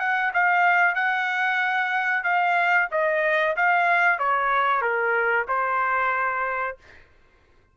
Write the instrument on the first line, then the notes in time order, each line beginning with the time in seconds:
trumpet
0.00 F#5
0.34 F5
0.95 F#5
2.24 F5
2.91 D#5
3.56 F5
4.19 C#5
4.82 A#4
5.48 C5